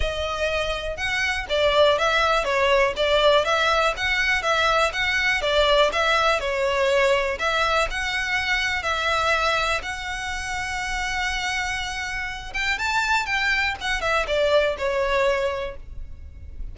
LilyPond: \new Staff \with { instrumentName = "violin" } { \time 4/4 \tempo 4 = 122 dis''2 fis''4 d''4 | e''4 cis''4 d''4 e''4 | fis''4 e''4 fis''4 d''4 | e''4 cis''2 e''4 |
fis''2 e''2 | fis''1~ | fis''4. g''8 a''4 g''4 | fis''8 e''8 d''4 cis''2 | }